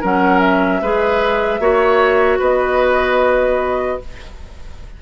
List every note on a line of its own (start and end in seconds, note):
0.00 0.81 F#3
0.00 0.82 C#4
0.00 0.80 A#4
0.00 0.39 F#5
0.39 2.39 E5
0.81 1.59 G#3
0.81 1.60 G#4
0.81 1.60 B4
1.59 2.39 A#3
1.59 4.00 F#4
1.59 2.38 C#5
2.38 4.00 B3
2.38 3.98 B4
2.38 4.01 D#5